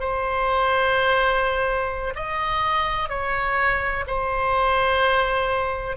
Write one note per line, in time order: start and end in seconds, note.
0.00 2.14 C5
2.16 3.10 D#5
3.10 4.05 C#5
4.07 5.97 C5